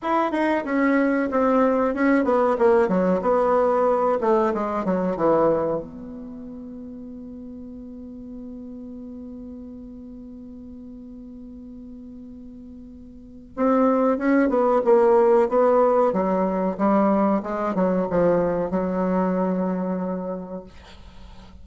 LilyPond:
\new Staff \with { instrumentName = "bassoon" } { \time 4/4 \tempo 4 = 93 e'8 dis'8 cis'4 c'4 cis'8 b8 | ais8 fis8 b4. a8 gis8 fis8 | e4 b2.~ | b1~ |
b1~ | b4 c'4 cis'8 b8 ais4 | b4 fis4 g4 gis8 fis8 | f4 fis2. | }